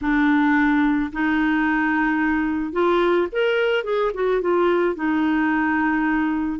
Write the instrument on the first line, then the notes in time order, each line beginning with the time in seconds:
clarinet
0.01 D4
1.12 D#4
2.72 F4
3.32 A#4
3.84 G#4
4.14 F#4
4.41 F4
4.95 D#4